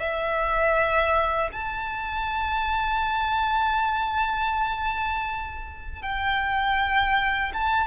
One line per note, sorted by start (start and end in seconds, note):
0.00 1.50 E5
1.53 6.03 A5
6.03 7.53 G5
7.54 7.88 A5